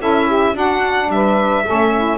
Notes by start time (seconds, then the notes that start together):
0.00 C#4 E4 A4 E5
0.27 G4
0.53 D4 F#4 F#5
1.08 G3 B4 E5
1.64 A3 C#4 A4
1.95 E4